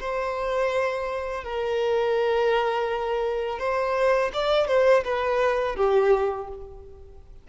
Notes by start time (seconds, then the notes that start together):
0.00 C5
1.44 A#4
3.59 C5
4.33 D5
4.68 C5
5.04 B4
5.76 G4